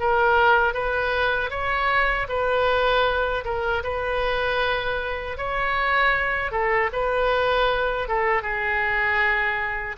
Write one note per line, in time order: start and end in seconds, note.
0.00 0.74 A#4
0.74 1.50 B4
1.50 2.27 C#5
2.29 3.44 B4
3.45 3.83 A#4
3.84 5.37 B4
5.38 6.51 C#5
6.51 6.90 A4
6.93 8.08 B4
8.08 8.43 A4
8.43 9.96 G#4